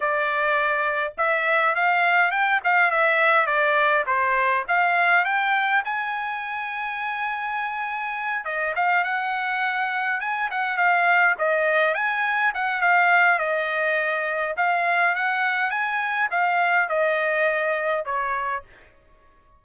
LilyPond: \new Staff \with { instrumentName = "trumpet" } { \time 4/4 \tempo 4 = 103 d''2 e''4 f''4 | g''8 f''8 e''4 d''4 c''4 | f''4 g''4 gis''2~ | gis''2~ gis''8 dis''8 f''8 fis''8~ |
fis''4. gis''8 fis''8 f''4 dis''8~ | dis''8 gis''4 fis''8 f''4 dis''4~ | dis''4 f''4 fis''4 gis''4 | f''4 dis''2 cis''4 | }